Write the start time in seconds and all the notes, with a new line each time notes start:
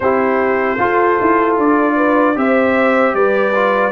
0.00 C4 E4 G4 C5
0.78 F4 A4
1.21 E4
1.57 D4 D5
1.95 B4
2.35 C4 G4 C5 E5
3.13 G3 B4 D5
3.54 F4